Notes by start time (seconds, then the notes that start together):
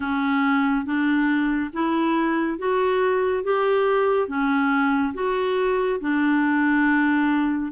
0.00 C#4
0.85 D4
1.73 E4
2.58 F#4
3.43 G4
4.28 C#4
5.14 F#4
6.00 D4